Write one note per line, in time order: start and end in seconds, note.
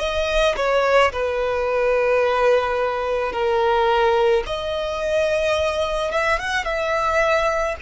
0.00 0.56 D#5
0.57 1.12 C#5
1.13 3.33 B4
3.33 4.44 A#4
4.47 6.12 D#5
6.12 6.39 E5
6.39 6.65 F#5
6.65 7.76 E5